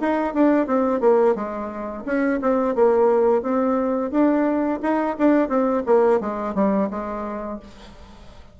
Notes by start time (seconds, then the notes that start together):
0.00 D#4
0.34 D4
0.66 C4
1.00 A#3
1.35 G#3
2.05 C#4
2.41 C4
2.75 A#3
3.42 C4
4.11 D4
4.82 D#4
5.18 D4
5.49 C4
5.86 A#3
6.20 G#3
6.55 G3
6.90 G#3